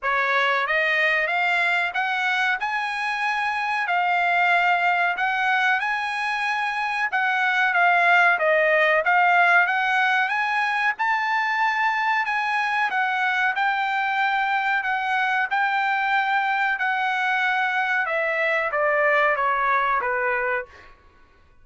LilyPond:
\new Staff \with { instrumentName = "trumpet" } { \time 4/4 \tempo 4 = 93 cis''4 dis''4 f''4 fis''4 | gis''2 f''2 | fis''4 gis''2 fis''4 | f''4 dis''4 f''4 fis''4 |
gis''4 a''2 gis''4 | fis''4 g''2 fis''4 | g''2 fis''2 | e''4 d''4 cis''4 b'4 | }